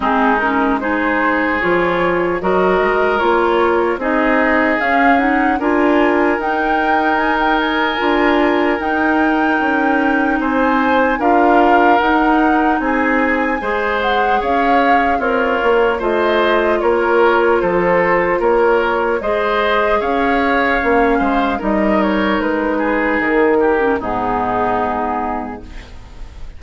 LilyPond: <<
  \new Staff \with { instrumentName = "flute" } { \time 4/4 \tempo 4 = 75 gis'8 ais'8 c''4 cis''4 dis''4 | cis''4 dis''4 f''8 fis''8 gis''4 | g''4 gis''16 g''16 gis''4. g''4~ | g''4 gis''4 f''4 fis''4 |
gis''4. fis''8 f''4 cis''4 | dis''4 cis''4 c''4 cis''4 | dis''4 f''2 dis''8 cis''8 | b'4 ais'4 gis'2 | }
  \new Staff \with { instrumentName = "oboe" } { \time 4/4 dis'4 gis'2 ais'4~ | ais'4 gis'2 ais'4~ | ais'1~ | ais'4 c''4 ais'2 |
gis'4 c''4 cis''4 f'4 | c''4 ais'4 a'4 ais'4 | c''4 cis''4. c''8 ais'4~ | ais'8 gis'4 g'8 dis'2 | }
  \new Staff \with { instrumentName = "clarinet" } { \time 4/4 c'8 cis'8 dis'4 f'4 fis'4 | f'4 dis'4 cis'8 dis'8 f'4 | dis'2 f'4 dis'4~ | dis'2 f'4 dis'4~ |
dis'4 gis'2 ais'4 | f'1 | gis'2 cis'4 dis'4~ | dis'4.~ dis'16 cis'16 b2 | }
  \new Staff \with { instrumentName = "bassoon" } { \time 4/4 gis2 f4 fis8 gis8 | ais4 c'4 cis'4 d'4 | dis'2 d'4 dis'4 | cis'4 c'4 d'4 dis'4 |
c'4 gis4 cis'4 c'8 ais8 | a4 ais4 f4 ais4 | gis4 cis'4 ais8 gis8 g4 | gis4 dis4 gis,2 | }
>>